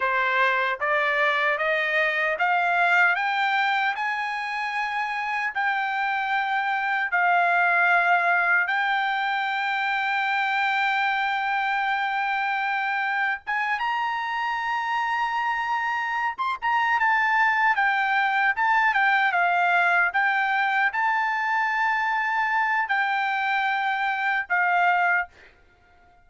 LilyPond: \new Staff \with { instrumentName = "trumpet" } { \time 4/4 \tempo 4 = 76 c''4 d''4 dis''4 f''4 | g''4 gis''2 g''4~ | g''4 f''2 g''4~ | g''1~ |
g''4 gis''8 ais''2~ ais''8~ | ais''8. c'''16 ais''8 a''4 g''4 a''8 | g''8 f''4 g''4 a''4.~ | a''4 g''2 f''4 | }